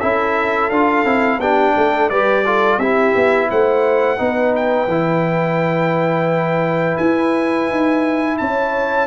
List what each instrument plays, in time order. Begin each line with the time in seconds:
0.00 tuba C#4, trombone E4, horn A4, trumpet E5
0.70 tuba D4, trombone F4, trumpet F5
1.05 tuba C4, trombone E4
1.39 tuba B3, trombone D4, horn G4, trumpet G5
1.77 tuba A3, horn A4
2.10 tuba G3, trombone G4, horn B4, trumpet D5
2.46 trombone F4, horn A4
2.78 tuba C4, trombone E4, horn G4, trumpet E5
3.16 tuba B3
3.51 tuba A3, horn C5, trumpet F#5
4.18 tuba B3, trombone D#4, horn B4
4.56 trumpet G5
4.87 tuba E3, trombone E4
6.98 tuba E4, trumpet G#5
7.70 tuba D#4
8.38 tuba C#4, horn C#5, trumpet A5